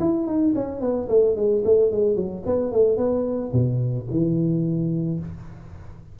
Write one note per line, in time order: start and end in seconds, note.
0.00 0.27 E4
0.27 0.54 D#4
0.55 0.81 C#4
0.81 1.08 B3
1.09 1.36 A3
1.36 1.63 G#3
1.65 1.92 A3
1.92 2.16 G#3
2.16 2.43 F#3
2.46 2.72 B3
2.72 2.98 A3
2.98 3.52 B3
3.53 4.08 B2
4.11 5.20 E3